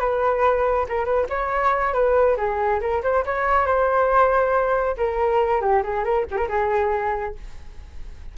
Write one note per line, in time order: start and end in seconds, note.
0.00 0.86 B4
0.89 1.05 A#4
1.05 1.27 B4
1.30 1.93 C#5
1.93 2.37 B4
2.37 2.80 G#4
2.81 3.02 A#4
3.03 3.25 C5
3.26 3.67 C#5
3.67 4.96 C5
4.97 5.61 A#4
5.61 5.83 G4
5.83 6.04 G#4
6.04 6.26 A#4
6.31 6.37 G4
6.37 6.48 A#4
6.48 7.35 G#4